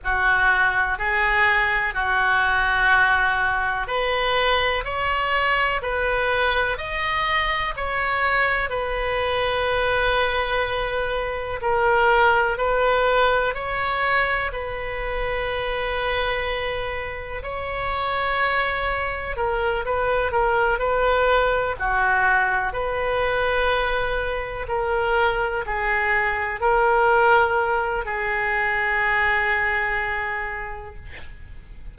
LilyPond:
\new Staff \with { instrumentName = "oboe" } { \time 4/4 \tempo 4 = 62 fis'4 gis'4 fis'2 | b'4 cis''4 b'4 dis''4 | cis''4 b'2. | ais'4 b'4 cis''4 b'4~ |
b'2 cis''2 | ais'8 b'8 ais'8 b'4 fis'4 b'8~ | b'4. ais'4 gis'4 ais'8~ | ais'4 gis'2. | }